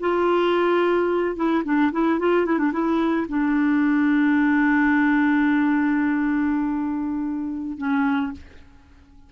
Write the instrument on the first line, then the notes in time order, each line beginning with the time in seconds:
clarinet
0.00 F4
1.36 E4
1.64 D4
1.92 E4
2.19 F4
2.46 E4
2.59 D4
2.72 E4
3.29 D4
7.78 C#4